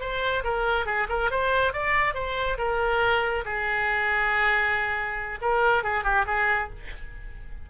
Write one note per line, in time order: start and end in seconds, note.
0.00 0.43 C5
0.44 0.86 A#4
0.86 1.08 G#4
1.09 1.30 A#4
1.31 1.73 C5
1.73 2.14 D5
2.14 2.57 C5
2.58 3.44 A#4
3.45 5.39 G#4
5.42 5.83 A#4
5.83 6.04 G#4
6.04 6.26 G4
6.26 6.69 G#4